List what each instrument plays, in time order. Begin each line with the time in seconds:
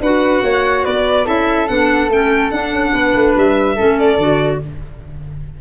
0.00 tuba D4, clarinet F#4, flute B4, violin F#5
0.43 tuba A#3, flute C#5
0.84 tuba B3, flute B4, violin D5
1.25 tuba C#4, clarinet E4, flute A4, violin E5
1.68 tuba B3, clarinet D4, violin F#5
2.09 tuba A3, clarinet C#4, violin G5
2.51 tuba D4, clarinet D4, violin F#5
2.72 tuba C#4
2.93 tuba B3, flute B4
3.14 tuba A3
3.36 tuba G3, violin E5
3.75 tuba A3, clarinet C#4, flute A4
3.99 violin D5
4.18 tuba D3, clarinet F#4